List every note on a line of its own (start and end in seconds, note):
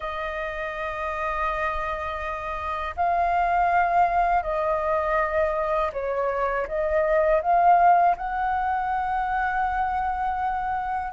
0.00 2.94 D#5
2.96 4.42 F5
4.42 5.91 D#5
5.92 6.66 C#5
6.67 7.41 D#5
7.41 8.15 F5
8.16 11.12 F#5